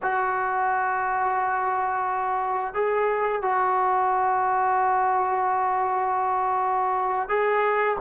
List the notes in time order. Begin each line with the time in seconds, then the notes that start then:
0.02 F#4
2.74 G#4
3.42 F#4
7.28 G#4